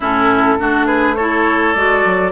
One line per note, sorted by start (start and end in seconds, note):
0.00 0.58 A2
0.00 0.58 C#4
0.00 0.58 E4
0.00 0.86 A4
0.58 1.75 A3
0.58 1.16 D4
0.58 0.86 F#4
0.86 1.15 G#4
0.86 1.15 B4
1.15 1.76 E4
1.15 2.31 A4
1.15 1.73 C#5
1.73 2.04 G#3
1.73 2.31 F#4
1.73 2.31 D5
2.04 2.31 F#3